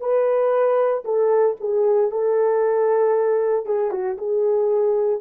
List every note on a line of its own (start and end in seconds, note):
0.00 1.03 B4
1.04 1.56 A4
1.60 2.11 G#4
2.11 3.65 A4
3.65 3.91 G#4
3.91 4.17 F#4
4.18 5.21 G#4